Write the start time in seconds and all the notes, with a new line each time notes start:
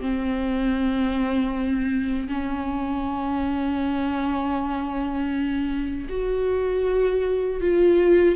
0.00 C4
2.28 C#4
6.09 F#4
7.61 F4